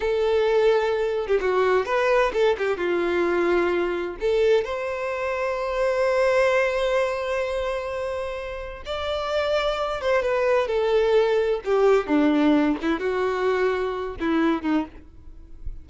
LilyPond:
\new Staff \with { instrumentName = "violin" } { \time 4/4 \tempo 4 = 129 a'2~ a'8. g'16 fis'4 | b'4 a'8 g'8 f'2~ | f'4 a'4 c''2~ | c''1~ |
c''2. d''4~ | d''4. c''8 b'4 a'4~ | a'4 g'4 d'4. e'8 | fis'2~ fis'8 e'4 dis'8 | }